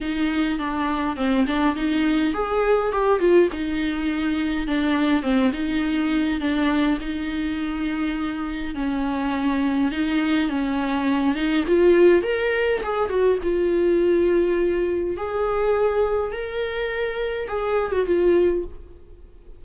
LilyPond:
\new Staff \with { instrumentName = "viola" } { \time 4/4 \tempo 4 = 103 dis'4 d'4 c'8 d'8 dis'4 | gis'4 g'8 f'8 dis'2 | d'4 c'8 dis'4. d'4 | dis'2. cis'4~ |
cis'4 dis'4 cis'4. dis'8 | f'4 ais'4 gis'8 fis'8 f'4~ | f'2 gis'2 | ais'2 gis'8. fis'16 f'4 | }